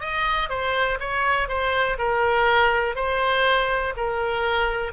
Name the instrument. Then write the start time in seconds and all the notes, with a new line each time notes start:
oboe
0.00 D#5
0.49 C5
1.00 C#5
1.48 C5
1.98 A#4
2.96 C5
3.97 A#4